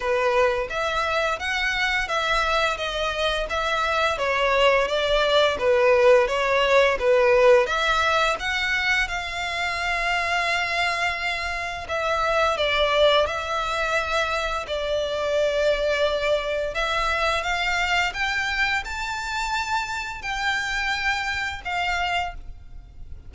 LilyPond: \new Staff \with { instrumentName = "violin" } { \time 4/4 \tempo 4 = 86 b'4 e''4 fis''4 e''4 | dis''4 e''4 cis''4 d''4 | b'4 cis''4 b'4 e''4 | fis''4 f''2.~ |
f''4 e''4 d''4 e''4~ | e''4 d''2. | e''4 f''4 g''4 a''4~ | a''4 g''2 f''4 | }